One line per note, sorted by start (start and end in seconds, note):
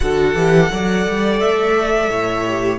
0.00 0.34 D3
0.00 0.35 F#4
0.00 0.71 A4
0.00 1.39 F#5
0.34 0.69 E3
0.34 0.70 G4
0.70 1.06 F#3
0.70 2.44 A4
0.70 2.10 D5
1.07 1.42 G3
1.40 2.09 A3
1.40 2.78 E5
2.09 2.78 A2
2.09 2.78 C#5
2.47 2.78 G4